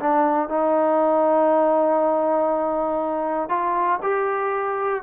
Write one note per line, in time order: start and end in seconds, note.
0.00 0.49 D4
0.49 3.50 D#4
3.50 4.00 F4
4.03 5.03 G4